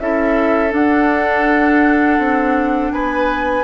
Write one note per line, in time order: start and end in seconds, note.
0.00 0.73 C#4
0.00 0.70 E4
0.00 2.93 A4
0.00 0.73 E5
0.70 3.63 D4
0.70 2.19 D4
0.70 2.93 F#5
2.19 2.92 C4
2.93 3.64 B3
2.93 3.64 B4
2.93 3.64 G#5